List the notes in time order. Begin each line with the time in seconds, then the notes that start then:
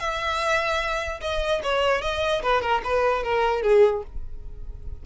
0.00 E5
1.21 D#5
1.63 C#5
2.02 D#5
2.43 B4
2.62 A#4
2.85 B4
3.24 A#4
3.63 G#4